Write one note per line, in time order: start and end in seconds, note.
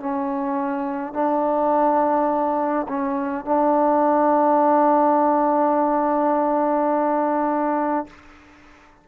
0.00 1.14 C#4
1.14 2.87 D4
2.88 3.45 C#4
3.45 8.07 D4